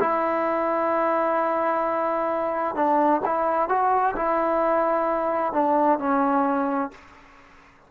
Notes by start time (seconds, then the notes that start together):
0.00 E4
2.76 D4
3.26 E4
3.69 F#4
4.16 E4
5.53 D4
5.99 C#4